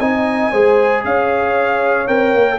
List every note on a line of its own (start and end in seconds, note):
0.00 0.52 C4
0.00 0.53 D#4
0.00 0.52 D#5
0.00 1.04 G#5
0.52 1.05 G#3
0.52 2.08 G#4
0.52 1.03 C5
1.05 2.08 C#4
1.05 2.59 C#5
1.05 2.08 F5
2.08 2.35 C4
2.08 2.59 A#4
2.08 2.59 G5
2.35 2.59 A#3